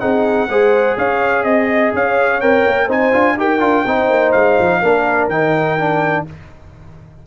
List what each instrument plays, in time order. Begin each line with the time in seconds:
0.00 tuba C4, trombone D#4, horn G#4, trumpet F#5
0.48 tuba G#3, trombone G#4, horn C5
0.97 tuba C#4, horn C#5, trumpet F5
1.43 tuba C4, trumpet D#5, horn D#5
1.94 tuba C#4, horn C#5, trumpet F5
2.41 tuba C4, trombone A#4, trumpet G5
2.66 tuba A#3
2.87 tuba C4, trombone D#4, horn C5, trumpet G#5
3.12 tuba D4, trombone F4
3.37 tuba D#4, trombone G4, horn A#4, trumpet G5
3.60 tuba D4, trombone F4
3.86 tuba C4, trombone D#4, horn C5
4.09 tuba A#3
4.32 tuba G#3, trumpet F5
4.59 tuba F3
4.81 tuba A#3, trombone D4, horn A#4
5.28 tuba D#3, trombone D#4, trumpet G5
5.79 trombone D4